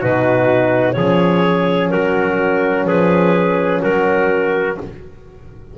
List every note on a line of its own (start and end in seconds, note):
0.00 0.97 B2
0.00 0.96 D#4
0.00 0.95 F#4
0.00 0.93 B4
0.93 1.92 F3
0.93 4.77 C#4
0.93 1.92 G#4
0.93 1.89 C#5
1.90 2.85 F#3
1.90 2.87 F#4
1.90 2.86 A#4
2.85 3.81 F3
2.85 3.82 G#4
2.85 3.82 B4
3.82 4.78 F#3
3.82 4.78 F#4
3.82 4.78 A#4